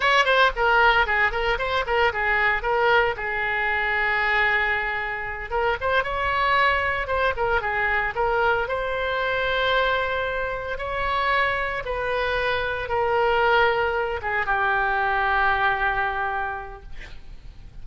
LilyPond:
\new Staff \with { instrumentName = "oboe" } { \time 4/4 \tempo 4 = 114 cis''8 c''8 ais'4 gis'8 ais'8 c''8 ais'8 | gis'4 ais'4 gis'2~ | gis'2~ gis'8 ais'8 c''8 cis''8~ | cis''4. c''8 ais'8 gis'4 ais'8~ |
ais'8 c''2.~ c''8~ | c''8 cis''2 b'4.~ | b'8 ais'2~ ais'8 gis'8 g'8~ | g'1 | }